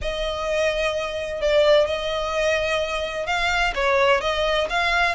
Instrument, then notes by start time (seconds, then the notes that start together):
violin
0.01 D#5
1.41 D5
1.86 D#5
3.26 F5
3.74 C#5
4.20 D#5
4.69 F5